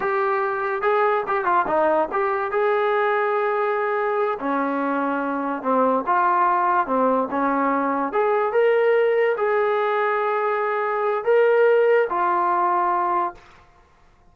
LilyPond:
\new Staff \with { instrumentName = "trombone" } { \time 4/4 \tempo 4 = 144 g'2 gis'4 g'8 f'8 | dis'4 g'4 gis'2~ | gis'2~ gis'8 cis'4.~ | cis'4. c'4 f'4.~ |
f'8 c'4 cis'2 gis'8~ | gis'8 ais'2 gis'4.~ | gis'2. ais'4~ | ais'4 f'2. | }